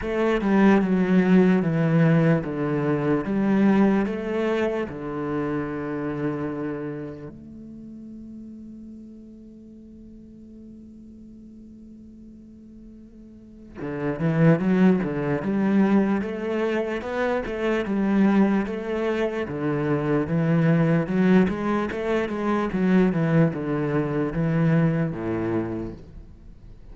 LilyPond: \new Staff \with { instrumentName = "cello" } { \time 4/4 \tempo 4 = 74 a8 g8 fis4 e4 d4 | g4 a4 d2~ | d4 a2.~ | a1~ |
a4 d8 e8 fis8 d8 g4 | a4 b8 a8 g4 a4 | d4 e4 fis8 gis8 a8 gis8 | fis8 e8 d4 e4 a,4 | }